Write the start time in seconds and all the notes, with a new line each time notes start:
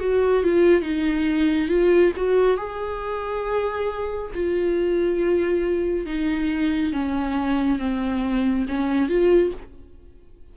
0.00 F#4
0.43 F4
0.82 D#4
1.68 F4
2.16 F#4
2.57 G#4
4.34 F4
6.06 D#4
6.92 C#4
7.79 C4
8.68 C#4
9.09 F4